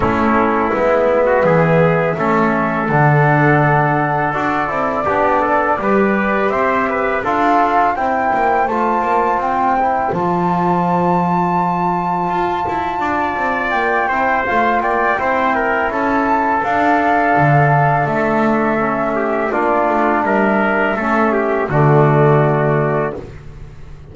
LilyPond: <<
  \new Staff \with { instrumentName = "flute" } { \time 4/4 \tempo 4 = 83 a'4 e''2. | fis''2 d''2~ | d''4 e''4 f''4 g''4 | a''4 g''4 a''2~ |
a''2. g''4 | f''8 g''4. a''4 f''4~ | f''4 e''2 d''4 | e''2 d''2 | }
  \new Staff \with { instrumentName = "trumpet" } { \time 4/4 e'4.~ e'16 fis'16 gis'4 a'4~ | a'2. g'8 a'8 | b'4 c''8 b'8 a'4 c''4~ | c''1~ |
c''2 d''4. c''8~ | c''8 d''8 c''8 ais'8 a'2~ | a'2~ a'8 g'8 f'4 | ais'4 a'8 g'8 fis'2 | }
  \new Staff \with { instrumentName = "trombone" } { \time 4/4 cis'4 b2 cis'4 | d'2 fis'8 e'8 d'4 | g'2 f'4 e'4 | f'4. e'8 f'2~ |
f'2.~ f'8 e'8 | f'4 e'2 d'4~ | d'2 cis'4 d'4~ | d'4 cis'4 a2 | }
  \new Staff \with { instrumentName = "double bass" } { \time 4/4 a4 gis4 e4 a4 | d2 d'8 c'8 b4 | g4 c'4 d'4 c'8 ais8 | a8 ais8 c'4 f2~ |
f4 f'8 e'8 d'8 c'8 ais8 c'8 | a8 ais8 c'4 cis'4 d'4 | d4 a2 ais8 a8 | g4 a4 d2 | }
>>